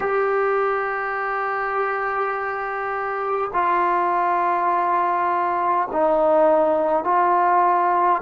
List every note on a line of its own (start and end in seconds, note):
0.00 3.50 G4
3.53 5.88 F4
5.91 7.04 D#4
7.04 8.21 F4